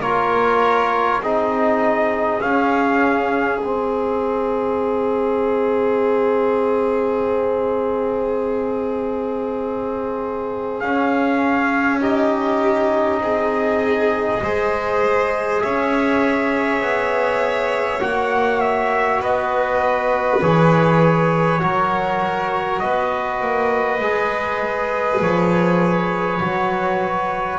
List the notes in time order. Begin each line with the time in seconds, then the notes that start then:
0.00 A#3 F4 A#4 C#5
1.20 C4 D#4 G#4 D#5
2.40 C#4 F5
3.60 G#3 C4 D#5
10.80 C#4 F5
12.00 D#4 G4 D#5
13.21 C4 G#4
14.42 G#3 G#4 C5
15.61 C#4 C#5 E5
16.80 B3
18.00 A#3 F#4 F#5
18.60 E5
19.21 B3 B4 D#5
20.42 E3 G#4 C#5
21.59 F#3 F#4 A#4
22.79 B3 B4 D#5
23.40 A#3
24.00 G#3 G#4
25.21 F3 C#5
26.41 F#3 F#4